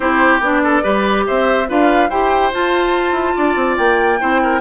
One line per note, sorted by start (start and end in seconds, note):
0.00 0.40 C4
0.00 0.40 E4
0.00 0.63 G4
0.00 0.42 C5
0.40 0.82 B3
0.40 0.82 D4
0.40 1.26 D5
0.63 0.82 A4
0.82 1.26 G3
0.82 1.66 G4
0.82 1.24 B4
1.26 1.70 C4
1.26 1.68 C5
1.26 1.68 E5
1.67 2.09 D4
1.67 2.09 F4
1.67 2.09 B4
1.67 2.10 F5
2.09 2.51 E4
2.09 2.52 G4
2.09 3.35 C5
2.09 2.52 G5
2.52 4.19 F4
2.52 3.11 F4
2.52 3.77 A5
3.11 3.32 E4
3.35 3.55 D4
3.35 4.19 D5
3.55 3.76 C4
3.77 4.20 A#3
3.77 4.60 G5
4.19 4.60 C4
4.19 4.60 E4
4.19 4.41 C5
4.42 4.60 A#4